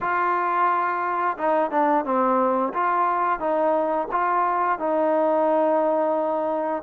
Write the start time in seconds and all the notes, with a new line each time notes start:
0.00 F4
1.37 D#4
1.70 D4
2.04 C4
2.73 F4
3.39 D#4
4.11 F4
4.78 D#4